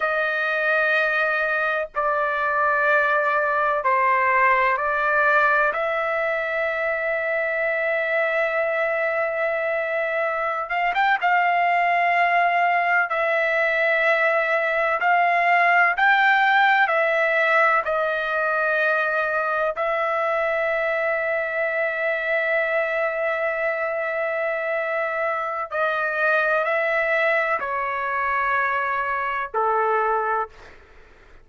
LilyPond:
\new Staff \with { instrumentName = "trumpet" } { \time 4/4 \tempo 4 = 63 dis''2 d''2 | c''4 d''4 e''2~ | e''2.~ e''16 f''16 g''16 f''16~ | f''4.~ f''16 e''2 f''16~ |
f''8. g''4 e''4 dis''4~ dis''16~ | dis''8. e''2.~ e''16~ | e''2. dis''4 | e''4 cis''2 a'4 | }